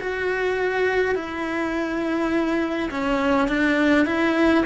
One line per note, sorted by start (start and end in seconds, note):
0.00 1.15 F#4
1.15 2.89 E4
2.90 3.48 C#4
3.48 4.06 D4
4.06 4.64 E4